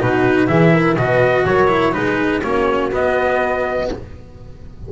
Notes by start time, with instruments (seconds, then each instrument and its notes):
0.00 double bass B2, cello D#4, horn F#4, trumpet B4
0.47 double bass E3, cello E4, horn G#4, trumpet E5
0.73 horn A#4
0.97 double bass B2, cello F#4, horn B4, trumpet D#5
1.45 double bass F#3, horn A#4, trumpet C#5
1.68 cello E4
1.92 double bass G#3, cello D#4, horn G#4, trumpet B4
2.43 double bass A#3, cello C#4, horn F#4, trumpet C#5
2.91 cello B3, double bass B3, trumpet D#5